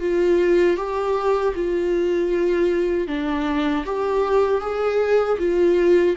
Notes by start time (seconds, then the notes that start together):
0.00 F4
0.77 G4
1.55 F4
3.08 D4
3.85 G4
4.61 G#4
5.39 F4